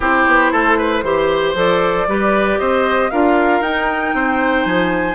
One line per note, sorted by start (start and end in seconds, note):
0.00 0.26 C4
0.00 1.03 E4
0.00 0.51 G4
0.00 1.57 C5
0.26 0.52 B3
0.52 1.02 A3
0.52 0.78 A4
0.78 1.03 B4
1.02 1.54 E3
1.02 1.55 G4
1.02 2.08 C5
1.54 2.06 F3
1.54 2.07 A4
1.54 2.58 D5
2.07 2.59 G3
2.07 3.11 G4
2.07 2.59 B4
2.58 3.11 C4
2.58 3.11 C5
2.58 3.10 D#5
3.10 3.61 D4
3.10 3.63 F4
3.10 4.15 A#4
3.10 3.62 F5
3.61 4.12 D#4
3.61 5.15 D#4
3.61 4.65 G5
4.13 4.65 C4
4.13 5.15 C5
4.65 5.15 F3
4.65 5.15 G#5